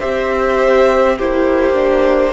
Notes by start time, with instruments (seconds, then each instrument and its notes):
0.00 cello C4, viola G4, violin C5 E5
1.17 cello A#3, viola E4, violin G4 C5
1.74 viola D4